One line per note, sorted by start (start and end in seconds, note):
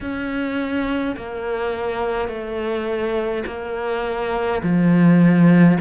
0.00 1.15 C#4
1.16 2.28 A#3
2.28 3.44 A3
3.46 4.62 A#3
4.62 5.77 F3